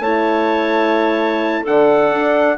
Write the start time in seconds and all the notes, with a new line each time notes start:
0.00 A3 E4 C#5 A5
1.63 D3 D4 A4 F#5
2.12 D4